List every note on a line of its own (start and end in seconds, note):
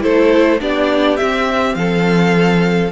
0.00 0.61 A3
0.00 0.58 E4
0.00 0.61 A4
0.00 0.61 C5
0.60 1.19 B3
0.60 1.18 D4
0.60 1.77 G4
0.60 1.17 D5
1.17 2.91 C4
1.17 1.75 C4
1.17 1.75 E5
1.75 2.91 F3
1.75 2.91 A4
1.75 2.91 F5